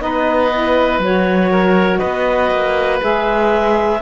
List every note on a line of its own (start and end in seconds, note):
0.00 0.99 B3
0.00 0.50 D#4
0.00 1.52 B4
0.00 1.00 D#5
0.52 1.02 E4
0.99 1.99 F#3
0.99 3.00 F#4
0.99 1.99 C#5
1.52 1.99 A#4
1.99 2.51 B3
1.99 3.99 B4
1.99 2.99 D#5
2.51 3.01 A#3
3.00 4.02 G#3
3.00 4.00 G#4
3.00 4.02 E5